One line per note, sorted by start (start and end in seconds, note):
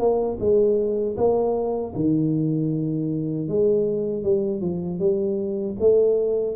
0.00 0.38 A#3
0.40 1.17 G#3
1.17 1.94 A#3
1.95 3.49 D#3
3.49 4.24 G#3
4.24 4.62 G3
4.62 5.00 F3
5.00 5.77 G3
5.80 6.57 A3